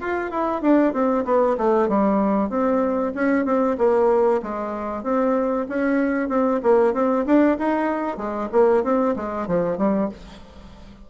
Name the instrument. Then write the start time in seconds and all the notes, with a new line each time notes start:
bassoon
0.00 F4
0.30 E4
0.61 D4
0.93 C4
1.24 B3
1.57 A3
1.88 G3
2.49 C4
3.15 C#4
3.45 C4
3.78 A#3
4.42 G#3
5.03 C4
5.68 C#4
6.28 C4
6.63 A#3
6.93 C4
7.25 D4
7.58 D#4
8.17 G#3
8.52 A#3
8.83 C4
9.16 G#3
9.47 F3
9.78 G3